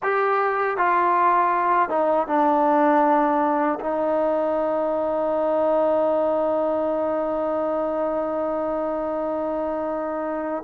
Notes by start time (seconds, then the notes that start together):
0.02 G4
0.77 F4
1.89 D#4
2.27 D4
3.80 D#4